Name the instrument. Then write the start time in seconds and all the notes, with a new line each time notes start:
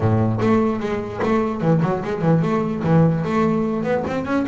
double bass
0.00 A2
0.40 A3
0.79 G#3
1.22 A3
1.61 E3
1.82 F#3
2.04 G#3
2.21 E3
2.42 A3
2.83 E3
3.24 A3
3.83 B3
4.07 C4
4.25 C#4